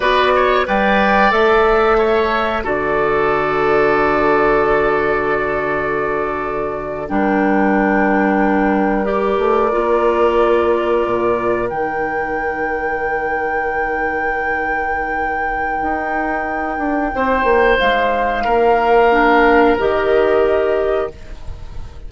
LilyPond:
<<
  \new Staff \with { instrumentName = "flute" } { \time 4/4 \tempo 4 = 91 d''4 g''4 e''2 | d''1~ | d''2~ d''8. g''4~ g''16~ | g''4.~ g''16 d''2~ d''16~ |
d''4.~ d''16 g''2~ g''16~ | g''1~ | g''2. f''4~ | f''2 dis''2 | }
  \new Staff \with { instrumentName = "oboe" } { \time 4/4 b'8 cis''8 d''2 cis''4 | a'1~ | a'2~ a'8. ais'4~ ais'16~ | ais'1~ |
ais'1~ | ais'1~ | ais'2 c''2 | ais'1 | }
  \new Staff \with { instrumentName = "clarinet" } { \time 4/4 fis'4 b'4 a'2 | fis'1~ | fis'2~ fis'8. d'4~ d'16~ | d'4.~ d'16 g'4 f'4~ f'16~ |
f'4.~ f'16 dis'2~ dis'16~ | dis'1~ | dis'1~ | dis'4 d'4 g'2 | }
  \new Staff \with { instrumentName = "bassoon" } { \time 4/4 b4 g4 a2 | d1~ | d2~ d8. g4~ g16~ | g2~ g16 a8 ais4~ ais16~ |
ais8. ais,4 dis2~ dis16~ | dis1 | dis'4. d'8 c'8 ais8 gis4 | ais2 dis2 | }
>>